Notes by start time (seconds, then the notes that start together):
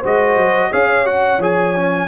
0.00 G#3 F#4 C5 D#5
0.37 F#3
0.71 C#4 G#4 C#5 F5
1.06 F#4 F#5
1.39 F3 G#4 G#5
1.76 C#4